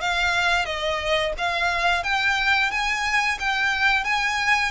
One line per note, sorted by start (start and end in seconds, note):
0.00 0.65 F5
0.65 1.32 D#5
1.37 2.03 F5
2.03 2.70 G5
2.71 3.38 G#5
3.39 4.04 G5
4.04 4.71 G#5